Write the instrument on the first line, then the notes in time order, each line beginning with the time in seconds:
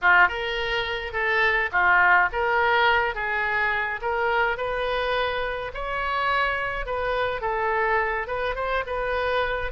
oboe
0.01 F4
0.28 A#4
1.12 A4
1.72 F4
2.32 A#4
3.14 G#4
4.01 A#4
4.57 B4
5.74 C#5
6.85 B4
7.41 A4
8.27 B4
8.55 C5
8.86 B4